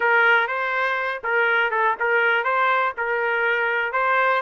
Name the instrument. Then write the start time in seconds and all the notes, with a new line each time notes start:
trumpet
0.00 A#4
0.47 C5
1.23 A#4
1.71 A4
1.99 A#4
2.44 C5
2.97 A#4
3.92 C5